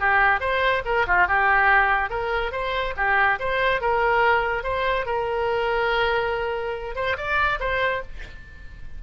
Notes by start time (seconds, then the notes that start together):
0.00 G4
0.41 C5
0.85 A#4
1.07 F4
1.28 G4
2.10 A#4
2.52 C5
2.97 G4
3.40 C5
3.81 A#4
4.64 C5
5.06 A#4
6.96 C5
7.17 D5
7.60 C5